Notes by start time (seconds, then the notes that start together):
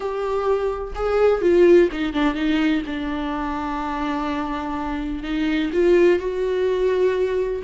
0.00 G4
0.95 G#4
1.41 F4
1.92 D#4
2.13 D4
2.34 D#4
2.86 D4
5.23 D#4
5.73 F4
6.19 F#4